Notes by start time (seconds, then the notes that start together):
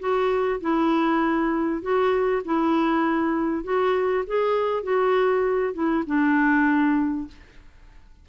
0.00 F#4
0.61 E4
1.82 F#4
2.45 E4
3.64 F#4
4.27 G#4
4.83 F#4
5.74 E4
6.07 D4